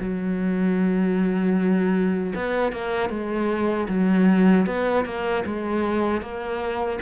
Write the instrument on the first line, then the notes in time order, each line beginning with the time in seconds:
cello
0.00 F#3
2.35 B3
2.72 A#3
3.10 G#3
3.89 F#3
4.66 B3
5.05 A#3
5.46 G#3
6.21 A#3